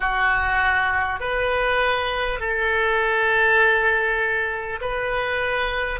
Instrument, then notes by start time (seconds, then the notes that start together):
oboe
0.00 F#4
1.20 B4
2.39 A4
4.81 B4